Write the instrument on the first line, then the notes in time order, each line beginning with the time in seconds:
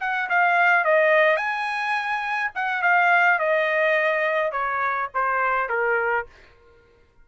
trumpet
0.00 F#5
0.29 F5
0.84 D#5
1.36 G#5
2.55 F#5
2.82 F5
3.39 D#5
4.52 C#5
5.14 C5
5.69 A#4